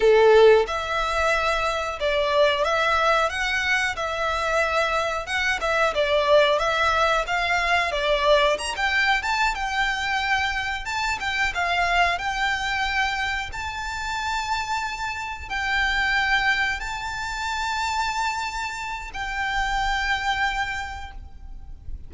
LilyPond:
\new Staff \with { instrumentName = "violin" } { \time 4/4 \tempo 4 = 91 a'4 e''2 d''4 | e''4 fis''4 e''2 | fis''8 e''8 d''4 e''4 f''4 | d''4 ais''16 g''8. a''8 g''4.~ |
g''8 a''8 g''8 f''4 g''4.~ | g''8 a''2. g''8~ | g''4. a''2~ a''8~ | a''4 g''2. | }